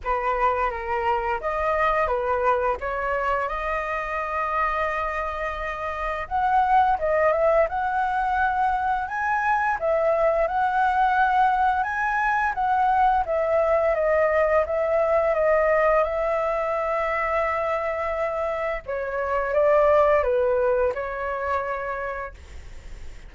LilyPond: \new Staff \with { instrumentName = "flute" } { \time 4/4 \tempo 4 = 86 b'4 ais'4 dis''4 b'4 | cis''4 dis''2.~ | dis''4 fis''4 dis''8 e''8 fis''4~ | fis''4 gis''4 e''4 fis''4~ |
fis''4 gis''4 fis''4 e''4 | dis''4 e''4 dis''4 e''4~ | e''2. cis''4 | d''4 b'4 cis''2 | }